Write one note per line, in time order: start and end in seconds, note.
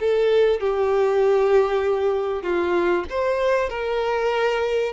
0.00 0.60 A4
0.60 2.43 G4
2.43 3.04 F4
3.10 3.69 C5
3.69 4.93 A#4